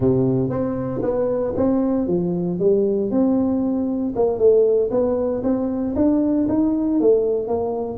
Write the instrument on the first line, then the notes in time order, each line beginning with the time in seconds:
tuba
0.00 C3
0.49 C4
1.02 B3
1.56 C4
2.07 F3
2.59 G3
3.10 C4
4.15 A#3
4.38 A3
4.90 B3
5.43 C4
5.95 D4
6.48 D#4
7.00 A3
7.47 A#3